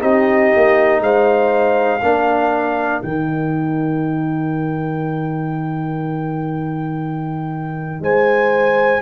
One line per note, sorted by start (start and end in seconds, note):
0.00 0.52 C4
0.00 2.00 D#4
0.00 1.02 G4
0.00 1.02 D#5
0.56 1.00 A#3
1.00 2.00 G#3
1.00 2.01 C5
1.00 3.02 F5
2.01 3.02 A#3
2.01 3.02 D4
2.01 8.01 A#4
3.02 8.00 D#3
3.02 9.02 D#4
3.02 8.02 G5
8.00 9.00 G#3
8.00 9.02 C5
8.00 9.02 G#5